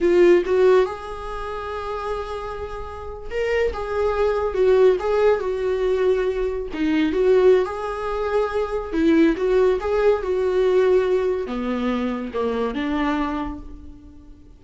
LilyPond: \new Staff \with { instrumentName = "viola" } { \time 4/4 \tempo 4 = 141 f'4 fis'4 gis'2~ | gis'2.~ gis'8. ais'16~ | ais'8. gis'2 fis'4 gis'16~ | gis'8. fis'2. dis'16~ |
dis'8. fis'4~ fis'16 gis'2~ | gis'4 e'4 fis'4 gis'4 | fis'2. b4~ | b4 ais4 d'2 | }